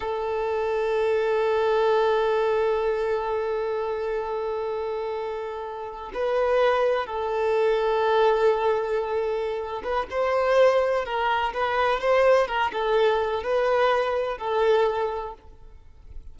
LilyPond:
\new Staff \with { instrumentName = "violin" } { \time 4/4 \tempo 4 = 125 a'1~ | a'1~ | a'1~ | a'8. b'2 a'4~ a'16~ |
a'1~ | a'8 b'8 c''2 ais'4 | b'4 c''4 ais'8 a'4. | b'2 a'2 | }